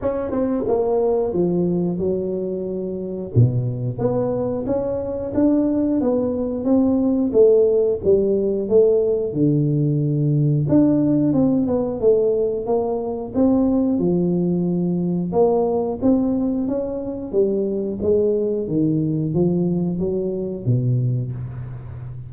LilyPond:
\new Staff \with { instrumentName = "tuba" } { \time 4/4 \tempo 4 = 90 cis'8 c'8 ais4 f4 fis4~ | fis4 b,4 b4 cis'4 | d'4 b4 c'4 a4 | g4 a4 d2 |
d'4 c'8 b8 a4 ais4 | c'4 f2 ais4 | c'4 cis'4 g4 gis4 | dis4 f4 fis4 b,4 | }